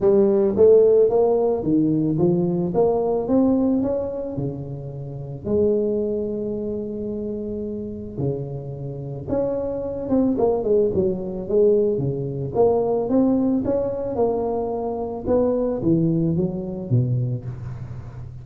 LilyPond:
\new Staff \with { instrumentName = "tuba" } { \time 4/4 \tempo 4 = 110 g4 a4 ais4 dis4 | f4 ais4 c'4 cis'4 | cis2 gis2~ | gis2. cis4~ |
cis4 cis'4. c'8 ais8 gis8 | fis4 gis4 cis4 ais4 | c'4 cis'4 ais2 | b4 e4 fis4 b,4 | }